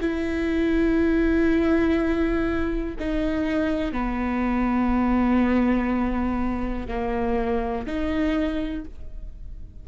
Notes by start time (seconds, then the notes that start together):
0.00 E4
2.99 D#4
3.92 B3
6.88 A#3
7.86 D#4